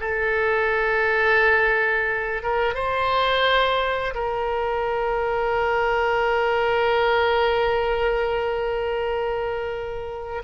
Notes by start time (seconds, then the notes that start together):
0.00 A4
2.43 A#4
2.74 C5
4.14 A#4